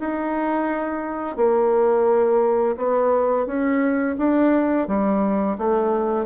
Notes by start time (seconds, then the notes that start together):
0.00 D#4
1.36 A#3
2.77 B3
3.46 C#4
4.18 D4
4.87 G3
5.58 A3